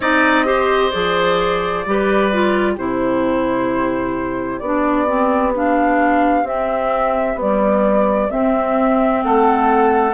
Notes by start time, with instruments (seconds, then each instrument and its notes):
0.00 bassoon C4, clarinet D#4, oboe D5, flute D#5
0.45 clarinet G4, oboe C5
0.90 bassoon F3, clarinet G#4, flute D5
1.86 bassoon G3, clarinet G4, oboe B4
2.32 clarinet F4
2.73 bassoon C3, clarinet E4, oboe G4, flute C5
4.59 bassoon B3, clarinet D4, flute D5
5.07 clarinet C4
5.54 clarinet D4, flute F5
6.43 bassoon C4, clarinet C4, flute E5
7.35 clarinet G3, bassoon B3, flute D5
8.30 clarinet C4, bassoon C4, flute E5
9.23 bassoon A3, oboe A4, flute F#5